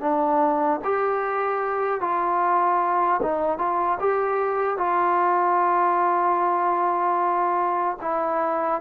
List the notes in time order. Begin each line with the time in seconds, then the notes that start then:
0.00 D4
0.84 G4
2.00 F4
3.22 D#4
3.58 F4
3.99 G4
4.77 F4
8.01 E4